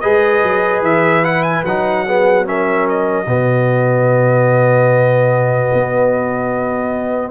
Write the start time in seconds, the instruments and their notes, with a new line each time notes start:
0.00 tuba G#3, trombone G#4, horn B4, trumpet D#5
0.43 tuba F#3
0.81 tuba E3, trumpet E5
1.23 trombone E4, trumpet F#5
1.43 trumpet G#5
1.65 tuba F#3, trombone D#4, trumpet F#5
2.05 trombone B3, horn G#4
2.45 trombone C#4, horn A#4, trumpet E5
2.88 trumpet D#5
3.26 tuba B2, trombone B3, horn F#4
5.73 tuba B3